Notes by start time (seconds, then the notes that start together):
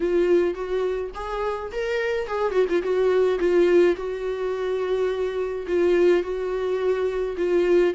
0.00 F4
0.54 F#4
1.14 G#4
1.71 A#4
2.27 G#4
2.51 F#4
2.69 F4
2.82 F#4
3.39 F4
3.96 F#4
5.67 F4
6.22 F#4
7.37 F4